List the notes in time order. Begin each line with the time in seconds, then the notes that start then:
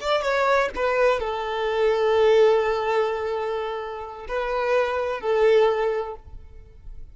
0.00 D5
0.22 C#5
0.75 B4
1.19 A4
4.28 B4
5.20 A4